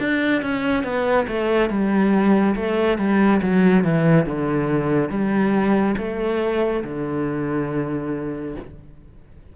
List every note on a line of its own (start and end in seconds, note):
0.00 0.42 D4
0.42 0.84 C#4
0.84 1.27 B3
1.28 1.70 A3
1.70 2.56 G3
2.56 2.98 A3
2.98 3.41 G3
3.42 3.85 F#3
3.85 4.27 E3
4.27 5.10 D3
5.10 5.96 G3
5.98 6.84 A3
6.84 8.56 D3